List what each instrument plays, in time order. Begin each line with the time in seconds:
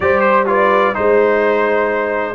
0.00 tuba G3, trombone G4, horn C5, trumpet D5
0.20 trumpet C5
0.46 trombone F4, horn B4, trumpet D5
0.93 tuba G#3, trombone D#4, trumpet C5, horn C5